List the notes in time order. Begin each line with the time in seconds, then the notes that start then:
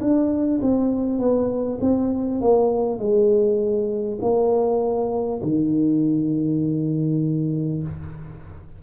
0.00 D4
0.61 C4
1.18 B3
1.80 C4
2.40 A#3
2.98 G#3
4.21 A#3
5.43 D#3